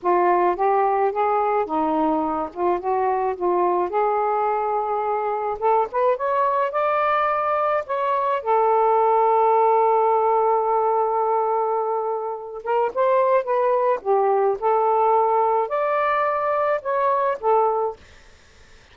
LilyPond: \new Staff \with { instrumentName = "saxophone" } { \time 4/4 \tempo 4 = 107 f'4 g'4 gis'4 dis'4~ | dis'8 f'8 fis'4 f'4 gis'4~ | gis'2 a'8 b'8 cis''4 | d''2 cis''4 a'4~ |
a'1~ | a'2~ a'8 ais'8 c''4 | b'4 g'4 a'2 | d''2 cis''4 a'4 | }